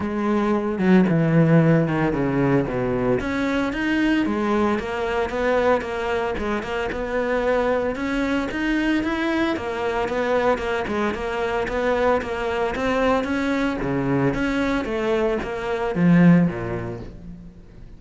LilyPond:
\new Staff \with { instrumentName = "cello" } { \time 4/4 \tempo 4 = 113 gis4. fis8 e4. dis8 | cis4 b,4 cis'4 dis'4 | gis4 ais4 b4 ais4 | gis8 ais8 b2 cis'4 |
dis'4 e'4 ais4 b4 | ais8 gis8 ais4 b4 ais4 | c'4 cis'4 cis4 cis'4 | a4 ais4 f4 ais,4 | }